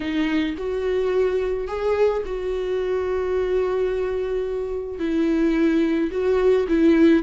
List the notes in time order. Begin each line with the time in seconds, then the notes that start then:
0.00 D#4
0.57 F#4
1.67 G#4
2.25 F#4
4.99 E4
6.11 F#4
6.68 E4